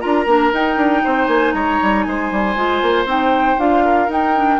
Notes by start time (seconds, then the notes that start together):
0.00 D4 F4 A#4 A#5
0.26 A#3 D4
0.53 D#4 G5
0.76 D4
1.04 C4 C5
1.27 A#3 G#5
1.53 G#3 C#5 A#5
1.82 G3
2.02 G#3 C5 G#5
2.31 G3
2.56 G#3 F4
2.82 A#3
3.05 C4 D#4 G5
3.57 D4 F4 F5
3.84 A#4
4.08 D#4 G5
4.35 D4